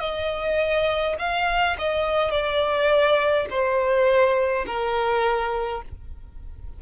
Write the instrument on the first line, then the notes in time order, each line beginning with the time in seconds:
violin
0.00 D#5
1.19 F5
1.78 D#5
2.31 D5
3.50 C5
4.66 A#4